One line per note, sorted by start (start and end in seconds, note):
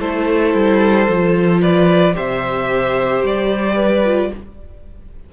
0.00 0.54 A3
0.00 1.08 E4
0.00 1.61 A4
0.00 1.61 C5
0.54 1.07 G3
1.08 2.15 F3
1.08 2.14 F4
1.61 2.15 B4
1.61 2.15 D5
2.14 3.24 C3
2.14 4.01 G4
2.14 3.75 C5
2.14 3.23 E5
3.24 4.31 G3
3.24 4.33 D5
3.75 4.29 B4
4.05 4.31 F4